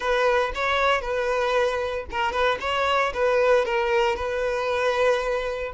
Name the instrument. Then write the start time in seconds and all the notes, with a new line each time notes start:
violin
0.00 B4
0.55 C#5
1.01 B4
2.10 A#4
2.31 B4
2.60 C#5
3.13 B4
3.65 A#4
4.16 B4